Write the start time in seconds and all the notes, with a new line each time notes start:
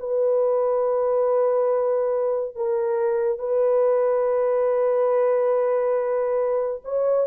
0.00 B4
2.56 A#4
3.39 B4
6.85 C#5